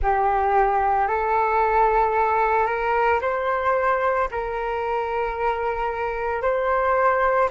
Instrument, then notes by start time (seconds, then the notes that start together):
flute
0.02 G4
1.07 A4
2.66 A#4
3.21 C5
4.31 A#4
6.42 C5